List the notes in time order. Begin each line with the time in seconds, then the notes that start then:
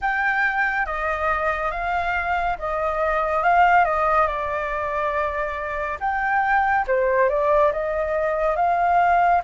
0.01 G5
0.86 D#5
1.71 F5
2.58 D#5
3.43 F5
3.85 D#5
4.27 D5
6.00 G5
6.87 C5
7.29 D5
7.72 D#5
8.56 F5